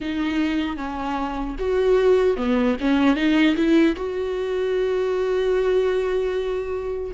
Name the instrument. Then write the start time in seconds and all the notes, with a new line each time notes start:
viola
0.00 D#4
0.76 C#4
1.59 F#4
2.36 B3
2.80 C#4
3.16 D#4
3.56 E4
3.95 F#4